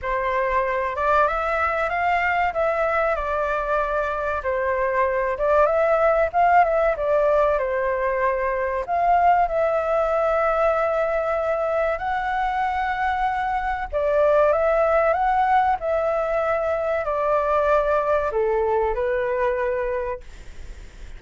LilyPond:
\new Staff \with { instrumentName = "flute" } { \time 4/4 \tempo 4 = 95 c''4. d''8 e''4 f''4 | e''4 d''2 c''4~ | c''8 d''8 e''4 f''8 e''8 d''4 | c''2 f''4 e''4~ |
e''2. fis''4~ | fis''2 d''4 e''4 | fis''4 e''2 d''4~ | d''4 a'4 b'2 | }